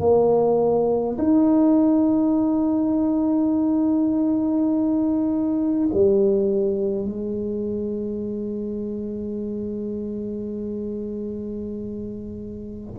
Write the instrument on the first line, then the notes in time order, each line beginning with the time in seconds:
tuba
0.00 A#3
1.18 D#4
5.94 G3
7.05 G#3